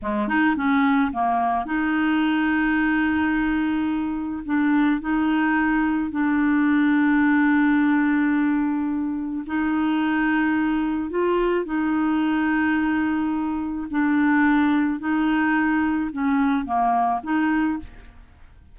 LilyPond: \new Staff \with { instrumentName = "clarinet" } { \time 4/4 \tempo 4 = 108 gis8 dis'8 cis'4 ais4 dis'4~ | dis'1 | d'4 dis'2 d'4~ | d'1~ |
d'4 dis'2. | f'4 dis'2.~ | dis'4 d'2 dis'4~ | dis'4 cis'4 ais4 dis'4 | }